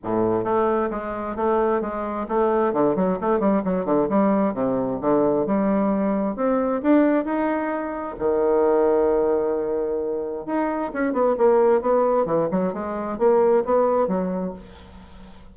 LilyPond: \new Staff \with { instrumentName = "bassoon" } { \time 4/4 \tempo 4 = 132 a,4 a4 gis4 a4 | gis4 a4 d8 fis8 a8 g8 | fis8 d8 g4 c4 d4 | g2 c'4 d'4 |
dis'2 dis2~ | dis2. dis'4 | cis'8 b8 ais4 b4 e8 fis8 | gis4 ais4 b4 fis4 | }